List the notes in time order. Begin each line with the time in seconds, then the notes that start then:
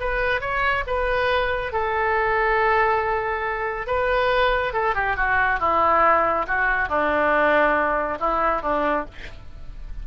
0.00 B4
0.41 C#5
0.87 B4
1.72 A4
3.87 B4
4.73 A4
4.95 G4
5.16 F#4
5.60 E4
6.47 F#4
6.89 D4
8.20 E4
8.62 D4